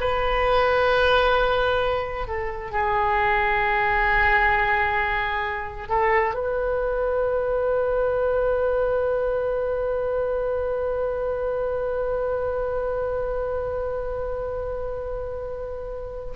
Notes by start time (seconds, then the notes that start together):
0.00 B4
2.27 A4
2.71 G#4
5.88 A4
6.34 B4